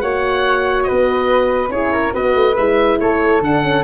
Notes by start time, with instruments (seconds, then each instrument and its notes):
0.00 tuba A#3, horn F#4, flute C#5, oboe F#5
0.83 flute B4, oboe D#5
0.91 tuba B3
1.68 tuba C#4, horn E4, flute G#4, oboe C#5
1.92 flute A#4
2.12 tuba B3, horn F#4, flute B4, oboe D#5
2.35 tuba A3
2.56 tuba G#3, horn E4, oboe E5
3.00 tuba A3, flute A4, oboe C#5
3.40 tuba D3, horn D4, oboe F#5
3.62 horn C#4